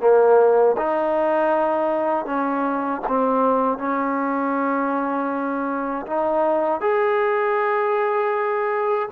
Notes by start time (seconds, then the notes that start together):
0.00 A#3
0.77 D#4
2.25 C#4
3.08 C4
3.78 C#4
6.07 D#4
6.81 G#4